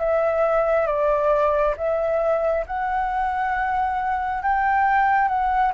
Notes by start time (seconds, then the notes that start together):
0.00 E5
0.87 D5
1.77 E5
2.68 F#5
4.43 G5
5.29 F#5